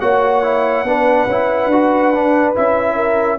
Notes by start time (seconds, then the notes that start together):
0.00 A#3 F#4 C#5 F#5
0.43 E4
0.83 B3 D4 B4
1.26 C#4 E4
1.66 D4 F#4
2.13 D4
2.55 C#4 E4 E5
2.95 A#4